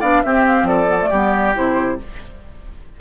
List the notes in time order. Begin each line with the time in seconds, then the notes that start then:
0.00 B3 D4 D5 F5
0.23 C4 G4 E5
0.46 F5
0.63 F3 A4 D5
0.87 B3
1.01 A3
1.10 G3 B3 G4
1.54 C3 E4 C5